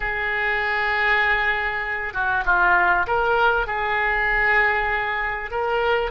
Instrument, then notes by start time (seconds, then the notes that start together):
oboe
0.00 G#4
2.13 F#4
2.45 F4
3.06 A#4
3.67 G#4
5.50 A#4